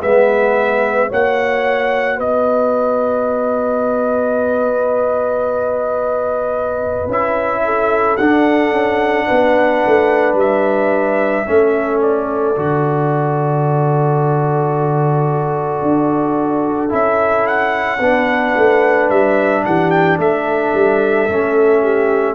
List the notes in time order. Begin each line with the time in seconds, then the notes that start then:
0.00 G#3 B3 B4 E5
1.09 A#3 F#4 C#5 F#5
2.17 B3 B4 D#5
7.08 C#4 E4 E5
7.65 A4
8.17 D4 F#5
8.72 C#4
9.27 B3 B4
9.86 A3
10.34 G3 E5
11.46 A3 C#4 A4
12.01 D5
12.56 D3 F#4
15.82 D4
16.90 C#4 E4 E5
17.47 F#5
18.00 B3 D4 B4
18.56 A3
19.10 G3 E5
19.65 E3 G4 F#5
19.90 G5
20.18 A3 A4 E5
20.74 G3
21.29 A3 C#4
21.83 G4